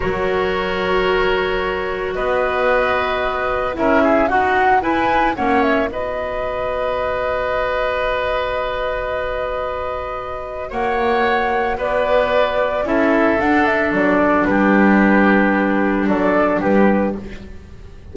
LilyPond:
<<
  \new Staff \with { instrumentName = "flute" } { \time 4/4 \tempo 4 = 112 cis''1 | dis''2. e''4 | fis''4 gis''4 fis''8 e''8 dis''4~ | dis''1~ |
dis''1 | fis''2 d''2 | e''4 fis''8 e''8 d''4 b'4~ | b'2 d''4 b'4 | }
  \new Staff \with { instrumentName = "oboe" } { \time 4/4 ais'1 | b'2. ais'8 gis'8 | fis'4 b'4 cis''4 b'4~ | b'1~ |
b'1 | cis''2 b'2 | a'2. g'4~ | g'2 a'4 g'4 | }
  \new Staff \with { instrumentName = "clarinet" } { \time 4/4 fis'1~ | fis'2. e'4 | fis'4 e'4 cis'4 fis'4~ | fis'1~ |
fis'1~ | fis'1 | e'4 d'2.~ | d'1 | }
  \new Staff \with { instrumentName = "double bass" } { \time 4/4 fis1 | b2. cis'4 | dis'4 e'4 ais4 b4~ | b1~ |
b1 | ais2 b2 | cis'4 d'4 fis4 g4~ | g2 fis4 g4 | }
>>